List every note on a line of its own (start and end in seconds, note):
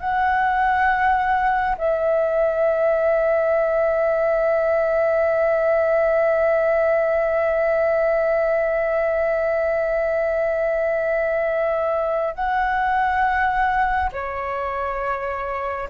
0.00 1.76 F#5
1.78 12.34 E5
12.34 14.11 F#5
14.13 15.89 C#5